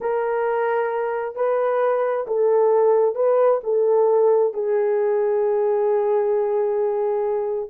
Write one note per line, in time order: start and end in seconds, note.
0.01 1.35 A#4
1.35 2.26 B4
2.27 3.15 A4
3.15 3.60 B4
3.63 4.53 A4
4.53 7.69 G#4